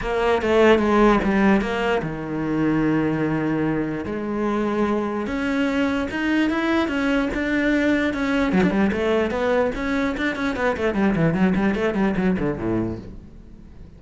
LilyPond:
\new Staff \with { instrumentName = "cello" } { \time 4/4 \tempo 4 = 148 ais4 a4 gis4 g4 | ais4 dis2.~ | dis2 gis2~ | gis4 cis'2 dis'4 |
e'4 cis'4 d'2 | cis'4 fis16 d'16 g8 a4 b4 | cis'4 d'8 cis'8 b8 a8 g8 e8 | fis8 g8 a8 g8 fis8 d8 a,4 | }